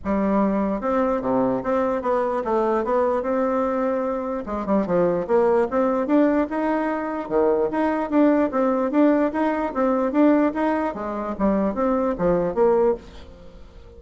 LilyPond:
\new Staff \with { instrumentName = "bassoon" } { \time 4/4 \tempo 4 = 148 g2 c'4 c4 | c'4 b4 a4 b4 | c'2. gis8 g8 | f4 ais4 c'4 d'4 |
dis'2 dis4 dis'4 | d'4 c'4 d'4 dis'4 | c'4 d'4 dis'4 gis4 | g4 c'4 f4 ais4 | }